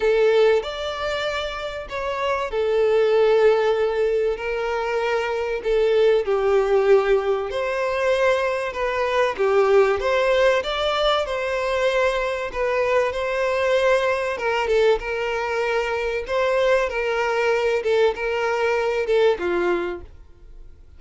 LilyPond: \new Staff \with { instrumentName = "violin" } { \time 4/4 \tempo 4 = 96 a'4 d''2 cis''4 | a'2. ais'4~ | ais'4 a'4 g'2 | c''2 b'4 g'4 |
c''4 d''4 c''2 | b'4 c''2 ais'8 a'8 | ais'2 c''4 ais'4~ | ais'8 a'8 ais'4. a'8 f'4 | }